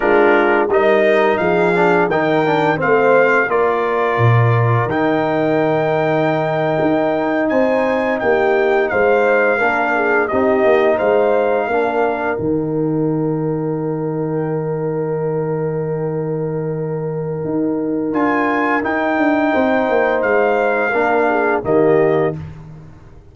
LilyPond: <<
  \new Staff \with { instrumentName = "trumpet" } { \time 4/4 \tempo 4 = 86 ais'4 dis''4 f''4 g''4 | f''4 d''2 g''4~ | g''2~ g''8. gis''4 g''16~ | g''8. f''2 dis''4 f''16~ |
f''4.~ f''16 g''2~ g''16~ | g''1~ | g''2 gis''4 g''4~ | g''4 f''2 dis''4 | }
  \new Staff \with { instrumentName = "horn" } { \time 4/4 f'4 ais'4 gis'4 ais'4 | c''4 ais'2.~ | ais'2~ ais'8. c''4 g'16~ | g'8. c''4 ais'8 gis'8 g'4 c''16~ |
c''8. ais'2.~ ais'16~ | ais'1~ | ais'1 | c''2 ais'8 gis'8 g'4 | }
  \new Staff \with { instrumentName = "trombone" } { \time 4/4 d'4 dis'4. d'8 dis'8 d'8 | c'4 f'2 dis'4~ | dis'1~ | dis'4.~ dis'16 d'4 dis'4~ dis'16~ |
dis'8. d'4 dis'2~ dis'16~ | dis'1~ | dis'2 f'4 dis'4~ | dis'2 d'4 ais4 | }
  \new Staff \with { instrumentName = "tuba" } { \time 4/4 gis4 g4 f4 dis4 | a4 ais4 ais,4 dis4~ | dis4.~ dis16 dis'4 c'4 ais16~ | ais8. gis4 ais4 c'8 ais8 gis16~ |
gis8. ais4 dis2~ dis16~ | dis1~ | dis4 dis'4 d'4 dis'8 d'8 | c'8 ais8 gis4 ais4 dis4 | }
>>